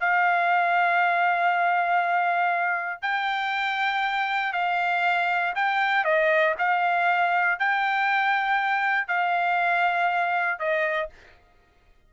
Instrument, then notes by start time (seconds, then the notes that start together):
trumpet
0.00 F5
3.02 G5
4.53 F5
5.55 G5
6.04 D#5
6.59 F5
7.60 G5
9.08 F5
10.59 D#5